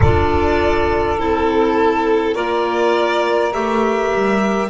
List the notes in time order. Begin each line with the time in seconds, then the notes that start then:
0.00 D4 F4 A4 D5
1.18 C4 E4 A4
2.33 A#3 F4 A#4 D5
3.53 A3 G4 E5
4.14 G3